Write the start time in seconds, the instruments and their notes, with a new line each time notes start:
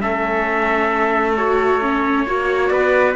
0.00 cello A3, viola C#4, trumpet A4 E5
1.36 viola F#4, trumpet C#5
1.81 viola C#4
2.26 cello A#3, viola F#4, trumpet C#5
2.68 cello B3, trumpet B4 D5